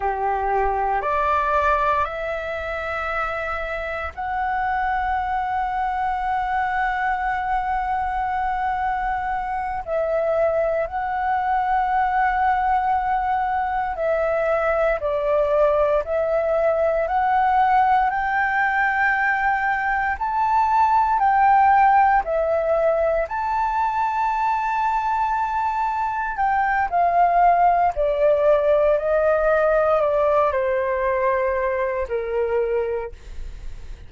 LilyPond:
\new Staff \with { instrumentName = "flute" } { \time 4/4 \tempo 4 = 58 g'4 d''4 e''2 | fis''1~ | fis''4. e''4 fis''4.~ | fis''4. e''4 d''4 e''8~ |
e''8 fis''4 g''2 a''8~ | a''8 g''4 e''4 a''4.~ | a''4. g''8 f''4 d''4 | dis''4 d''8 c''4. ais'4 | }